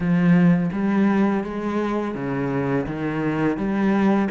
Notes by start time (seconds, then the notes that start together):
0.00 F3
0.72 G3
1.44 G#3
2.14 C#3
2.86 D#3
3.57 G3